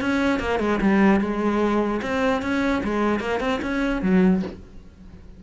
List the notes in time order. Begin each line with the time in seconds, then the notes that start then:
0.00 C#4
0.39 A#3
0.59 G#3
0.81 G3
1.20 G#3
2.02 C4
2.42 C#4
2.83 G#3
3.20 A#3
3.40 C4
3.61 C#4
4.02 F#3